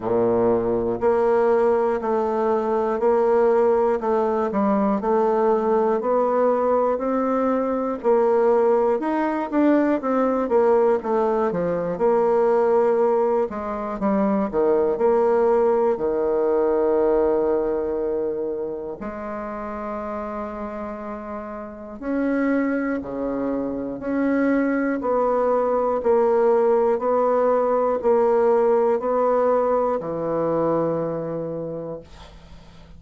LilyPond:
\new Staff \with { instrumentName = "bassoon" } { \time 4/4 \tempo 4 = 60 ais,4 ais4 a4 ais4 | a8 g8 a4 b4 c'4 | ais4 dis'8 d'8 c'8 ais8 a8 f8 | ais4. gis8 g8 dis8 ais4 |
dis2. gis4~ | gis2 cis'4 cis4 | cis'4 b4 ais4 b4 | ais4 b4 e2 | }